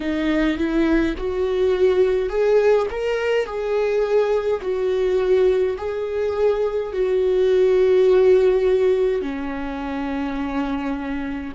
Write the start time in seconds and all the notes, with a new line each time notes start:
0.00 D#4
0.57 E4
1.17 F#4
2.29 G#4
2.90 A#4
3.45 G#4
4.61 F#4
5.77 G#4
6.92 F#4
9.21 C#4